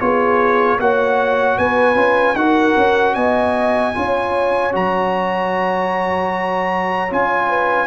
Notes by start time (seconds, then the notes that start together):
0.00 B3 F4 G#4 C#5
0.79 A#3 F#4 C#5 F#5
1.58 B3 B4 G#5
1.96 C#4 F4
2.35 D#4 F#4 A#4 F#5
2.77 C#4
3.14 B3 D#5 G#5
3.95 C#4 F4 C#5
4.72 F#3 F#4 A#5
7.10 C#4 F4 G#5
7.49 B4